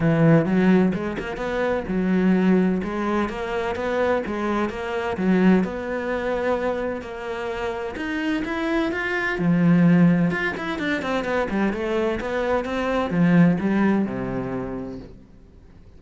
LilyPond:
\new Staff \with { instrumentName = "cello" } { \time 4/4 \tempo 4 = 128 e4 fis4 gis8 ais8 b4 | fis2 gis4 ais4 | b4 gis4 ais4 fis4 | b2. ais4~ |
ais4 dis'4 e'4 f'4 | f2 f'8 e'8 d'8 c'8 | b8 g8 a4 b4 c'4 | f4 g4 c2 | }